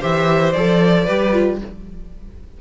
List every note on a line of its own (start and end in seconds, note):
0.00 0.55 E3
0.00 0.53 G4
0.00 1.04 C5
0.00 0.52 E5
0.52 1.08 F3
0.52 1.07 A4
0.52 1.57 D5
1.04 1.61 G3
1.04 1.32 G4
1.04 1.56 B4
1.32 1.58 F4